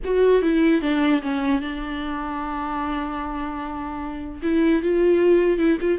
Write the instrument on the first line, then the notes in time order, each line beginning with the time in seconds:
viola
0.04 F#4
0.42 E4
0.81 D4
1.21 C#4
1.61 D4
4.42 E4
4.82 F4
5.58 E4
5.80 F4